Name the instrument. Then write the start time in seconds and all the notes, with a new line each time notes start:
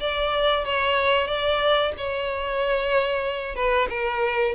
violin
0.00 D5
0.65 C#5
1.27 D5
1.97 C#5
3.55 B4
3.90 A#4